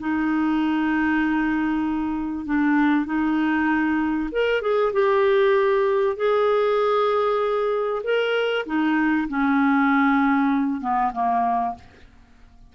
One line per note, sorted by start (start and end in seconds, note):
0.00 2.46 D#4
2.46 3.06 D4
3.06 4.30 D#4
4.32 4.62 A#4
4.62 4.93 G#4
4.93 6.17 G4
6.17 8.02 G#4
8.04 8.66 A#4
8.66 9.28 D#4
9.29 10.81 C#4
10.81 11.12 B3
11.13 11.75 A#3